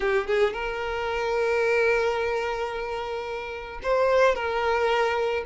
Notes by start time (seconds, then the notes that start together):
0.00 G4
0.26 G#4
0.53 A#4
3.82 C5
4.35 A#4